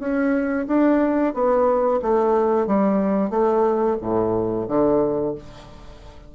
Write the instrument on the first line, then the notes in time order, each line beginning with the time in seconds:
bassoon
0.00 C#4
0.68 D4
1.34 B3
2.02 A3
2.67 G3
3.30 A3
4.01 A2
4.68 D3